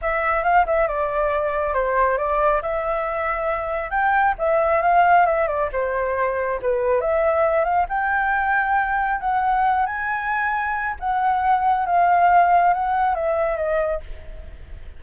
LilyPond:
\new Staff \with { instrumentName = "flute" } { \time 4/4 \tempo 4 = 137 e''4 f''8 e''8 d''2 | c''4 d''4 e''2~ | e''4 g''4 e''4 f''4 | e''8 d''8 c''2 b'4 |
e''4. f''8 g''2~ | g''4 fis''4. gis''4.~ | gis''4 fis''2 f''4~ | f''4 fis''4 e''4 dis''4 | }